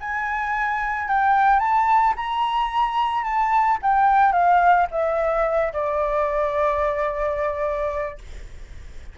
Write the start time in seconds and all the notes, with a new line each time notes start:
0.00 G#5
1.08 G5
1.59 A5
2.16 A#5
3.24 A5
3.82 G5
4.32 F5
4.91 E5
5.73 D5